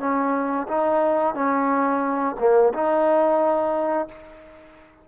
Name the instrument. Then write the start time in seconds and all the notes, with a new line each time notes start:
trombone
0.00 C#4
0.68 D#4
1.35 C#4
2.40 A#3
2.74 D#4